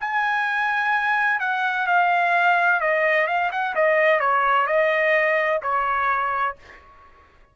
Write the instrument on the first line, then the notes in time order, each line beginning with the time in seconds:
trumpet
0.00 G#5
1.40 F#5
1.86 F5
2.80 D#5
3.27 F5
3.51 F#5
3.75 D#5
4.20 C#5
4.67 D#5
5.62 C#5